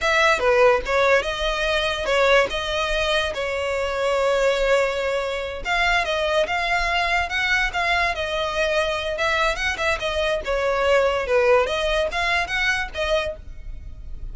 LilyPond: \new Staff \with { instrumentName = "violin" } { \time 4/4 \tempo 4 = 144 e''4 b'4 cis''4 dis''4~ | dis''4 cis''4 dis''2 | cis''1~ | cis''4. f''4 dis''4 f''8~ |
f''4. fis''4 f''4 dis''8~ | dis''2 e''4 fis''8 e''8 | dis''4 cis''2 b'4 | dis''4 f''4 fis''4 dis''4 | }